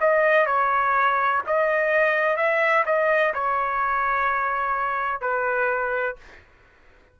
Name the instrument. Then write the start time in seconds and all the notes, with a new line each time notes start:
trumpet
0.00 D#5
0.46 C#5
1.47 D#5
2.36 E5
2.86 D#5
3.34 C#5
5.21 B4